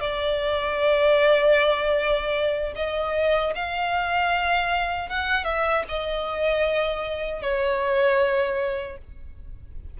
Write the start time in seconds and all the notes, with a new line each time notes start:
0.00 D5
2.75 D#5
3.55 F5
5.09 F#5
5.44 E5
5.88 D#5
7.42 C#5